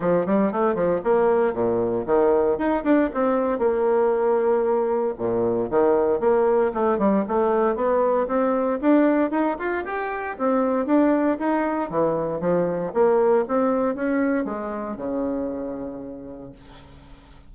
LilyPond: \new Staff \with { instrumentName = "bassoon" } { \time 4/4 \tempo 4 = 116 f8 g8 a8 f8 ais4 ais,4 | dis4 dis'8 d'8 c'4 ais4~ | ais2 ais,4 dis4 | ais4 a8 g8 a4 b4 |
c'4 d'4 dis'8 f'8 g'4 | c'4 d'4 dis'4 e4 | f4 ais4 c'4 cis'4 | gis4 cis2. | }